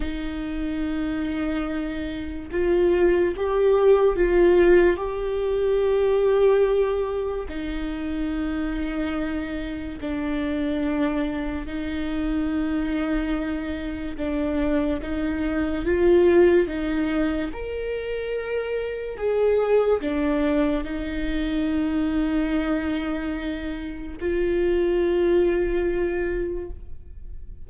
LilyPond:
\new Staff \with { instrumentName = "viola" } { \time 4/4 \tempo 4 = 72 dis'2. f'4 | g'4 f'4 g'2~ | g'4 dis'2. | d'2 dis'2~ |
dis'4 d'4 dis'4 f'4 | dis'4 ais'2 gis'4 | d'4 dis'2.~ | dis'4 f'2. | }